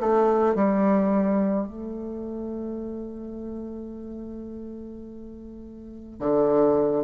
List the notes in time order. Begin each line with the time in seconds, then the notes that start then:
0.00 A3
0.55 G3
1.67 A3
6.19 D3